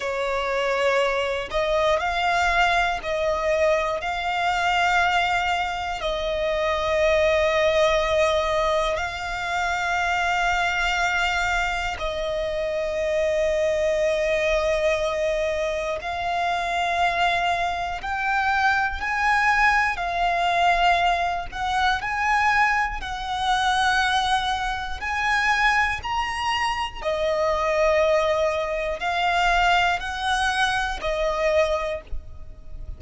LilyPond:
\new Staff \with { instrumentName = "violin" } { \time 4/4 \tempo 4 = 60 cis''4. dis''8 f''4 dis''4 | f''2 dis''2~ | dis''4 f''2. | dis''1 |
f''2 g''4 gis''4 | f''4. fis''8 gis''4 fis''4~ | fis''4 gis''4 ais''4 dis''4~ | dis''4 f''4 fis''4 dis''4 | }